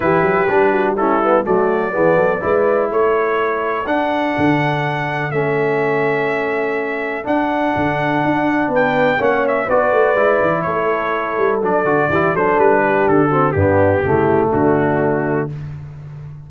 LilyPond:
<<
  \new Staff \with { instrumentName = "trumpet" } { \time 4/4 \tempo 4 = 124 b'2 a'4 d''4~ | d''2 cis''2 | fis''2. e''4~ | e''2. fis''4~ |
fis''2 g''4 fis''8 e''8 | d''2 cis''2 | d''4. c''8 b'4 a'4 | g'2 fis'2 | }
  \new Staff \with { instrumentName = "horn" } { \time 4/4 g'4. fis'8 e'4 fis'4 | gis'8 a'8 b'4 a'2~ | a'1~ | a'1~ |
a'2 b'4 cis''4 | b'2 a'2~ | a'4 g'8 a'4 g'4 fis'8 | d'4 e'4 d'2 | }
  \new Staff \with { instrumentName = "trombone" } { \time 4/4 e'4 d'4 cis'8 b8 a4 | b4 e'2. | d'2. cis'4~ | cis'2. d'4~ |
d'2. cis'4 | fis'4 e'2. | d'8 fis'8 e'8 d'2 c'8 | b4 a2. | }
  \new Staff \with { instrumentName = "tuba" } { \time 4/4 e8 fis8 g2 fis4 | e8 fis8 gis4 a2 | d'4 d2 a4~ | a2. d'4 |
d4 d'4 b4 ais4 | b8 a8 gis8 e8 a4. g8 | fis8 d8 e8 fis8 g4 d4 | g,4 cis4 d2 | }
>>